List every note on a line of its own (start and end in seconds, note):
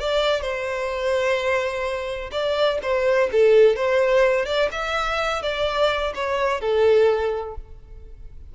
0.00 0.42 D5
0.42 2.31 C5
2.32 2.79 D5
2.83 3.30 C5
3.32 3.76 A4
3.76 4.46 C5
4.46 4.69 D5
4.72 5.43 E5
5.43 6.14 D5
6.15 6.61 C#5
6.61 7.56 A4